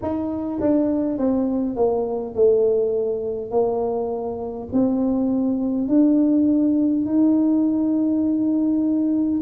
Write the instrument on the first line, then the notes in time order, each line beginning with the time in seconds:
tuba
0.02 D#4
0.60 D4
1.18 C4
1.76 A#3
2.34 A3
3.50 A#3
4.72 C4
5.88 D4
7.05 D#4